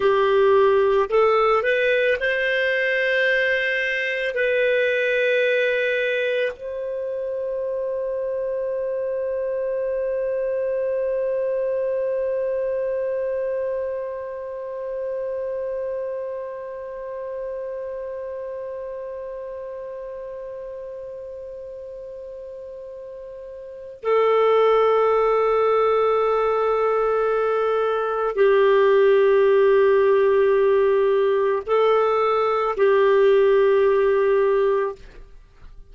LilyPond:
\new Staff \with { instrumentName = "clarinet" } { \time 4/4 \tempo 4 = 55 g'4 a'8 b'8 c''2 | b'2 c''2~ | c''1~ | c''1~ |
c''1~ | c''2 a'2~ | a'2 g'2~ | g'4 a'4 g'2 | }